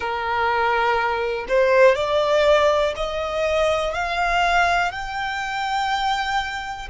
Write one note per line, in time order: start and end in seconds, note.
0.00 1.46 A#4
1.48 1.94 C5
1.94 2.93 D5
2.96 3.93 D#5
3.93 4.91 F5
4.91 6.88 G5